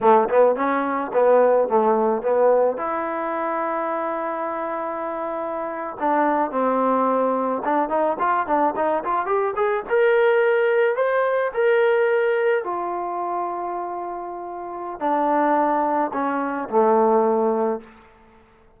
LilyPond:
\new Staff \with { instrumentName = "trombone" } { \time 4/4 \tempo 4 = 108 a8 b8 cis'4 b4 a4 | b4 e'2.~ | e'2~ e'8. d'4 c'16~ | c'4.~ c'16 d'8 dis'8 f'8 d'8 dis'16~ |
dis'16 f'8 g'8 gis'8 ais'2 c''16~ | c''8. ais'2 f'4~ f'16~ | f'2. d'4~ | d'4 cis'4 a2 | }